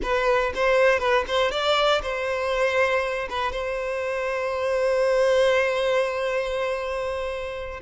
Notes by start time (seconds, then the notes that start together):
0.02 B4
0.54 C5
0.99 B4
1.27 C5
1.51 D5
2.02 C5
3.29 B4
3.52 C5